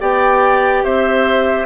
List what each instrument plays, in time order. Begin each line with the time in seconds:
0.00 bassoon B3, clarinet G4, oboe D5, flute G5
0.83 bassoon C4, oboe C5, flute E5